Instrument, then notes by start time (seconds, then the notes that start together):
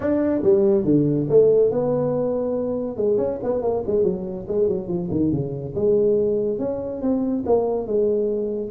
tuba
0.00 D4
0.43 G3
0.84 D3
1.29 A3
1.70 B3
2.97 G#3
3.17 C#4
3.43 B3
3.62 A#3
3.86 G#3
4.03 F#3
4.48 G#3
4.68 F#3
4.87 F3
5.10 D#3
5.31 C#3
5.75 G#3
6.59 C#4
7.01 C4
7.45 A#3
7.86 G#3